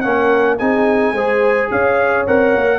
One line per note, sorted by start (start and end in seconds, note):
0.00 0.60 A#3
0.00 0.58 C#4
0.00 0.59 A#4
0.00 0.56 F#5
0.58 1.12 C4
0.58 1.15 D#4
0.58 1.14 G#4
0.58 1.69 G#5
1.12 1.68 G#3
1.12 2.27 G#4
1.12 1.70 C5
1.70 2.26 C#4
1.70 2.79 C#5
1.70 2.26 F5
2.27 2.55 C4
2.27 2.79 A#4
2.27 2.79 F#5
2.55 2.79 A#3